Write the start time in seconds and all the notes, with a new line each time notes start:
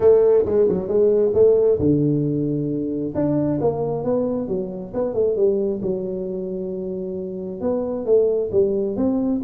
0.00 A3
0.45 G#3
0.68 F#3
0.87 G#3
1.34 A3
1.79 D3
3.14 D4
3.60 A#3
4.04 B3
4.48 F#3
4.94 B3
5.14 A3
5.36 G3
5.81 F#3
7.60 B3
8.05 A3
8.51 G3
8.96 C4